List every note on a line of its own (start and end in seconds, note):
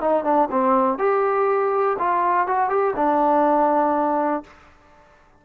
0.00 0.24 D#4
0.24 0.49 D4
0.51 0.98 C4
0.98 1.96 G4
1.99 2.47 F4
2.47 2.69 F#4
2.69 2.94 G4
2.96 4.43 D4